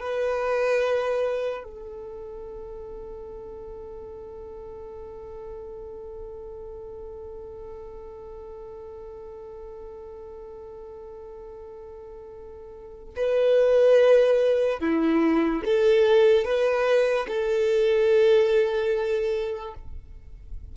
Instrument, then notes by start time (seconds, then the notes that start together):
violin
0.00 B4
1.64 A4
13.17 B4
14.81 E4
15.65 A4
16.45 B4
17.28 A4